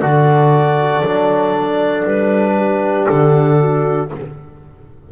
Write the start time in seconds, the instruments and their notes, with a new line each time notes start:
0.00 double bass D3, trombone F#4, horn A4, clarinet D5
1.01 double bass F#3, trombone D4
2.05 double bass G3, clarinet B4
2.56 horn G4
3.07 double bass D3, clarinet A4
3.60 horn F#4